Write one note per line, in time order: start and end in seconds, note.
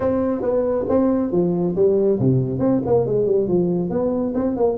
0.00 0.41 C4
0.41 0.85 B3
0.88 1.31 C4
1.31 1.75 F3
1.75 2.19 G3
2.19 2.59 C3
2.59 2.81 C4
2.86 3.06 A#3
3.06 3.26 G#3
3.26 3.47 G3
3.48 3.90 F3
3.90 4.33 B3
4.34 4.56 C4
4.56 4.77 A#3